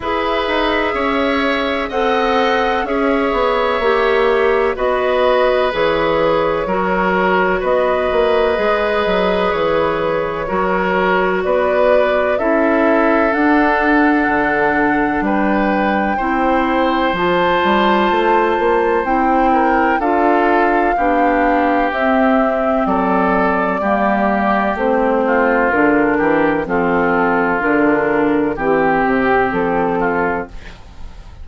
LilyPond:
<<
  \new Staff \with { instrumentName = "flute" } { \time 4/4 \tempo 4 = 63 e''2 fis''4 e''4~ | e''4 dis''4 cis''2 | dis''2 cis''2 | d''4 e''4 fis''2 |
g''2 a''2 | g''4 f''2 e''4 | d''2 c''4 ais'4 | a'4 ais'4 g'4 a'4 | }
  \new Staff \with { instrumentName = "oboe" } { \time 4/4 b'4 cis''4 dis''4 cis''4~ | cis''4 b'2 ais'4 | b'2. ais'4 | b'4 a'2. |
b'4 c''2.~ | c''8 ais'8 a'4 g'2 | a'4 g'4. f'4 g'8 | f'2 g'4. f'8 | }
  \new Staff \with { instrumentName = "clarinet" } { \time 4/4 gis'2 a'4 gis'4 | g'4 fis'4 gis'4 fis'4~ | fis'4 gis'2 fis'4~ | fis'4 e'4 d'2~ |
d'4 e'4 f'2 | e'4 f'4 d'4 c'4~ | c'4 ais4 c'4 d'4 | c'4 d'4 c'2 | }
  \new Staff \with { instrumentName = "bassoon" } { \time 4/4 e'8 dis'8 cis'4 c'4 cis'8 b8 | ais4 b4 e4 fis4 | b8 ais8 gis8 fis8 e4 fis4 | b4 cis'4 d'4 d4 |
g4 c'4 f8 g8 a8 ais8 | c'4 d'4 b4 c'4 | fis4 g4 a4 d8 e8 | f4 d4 e8 c8 f4 | }
>>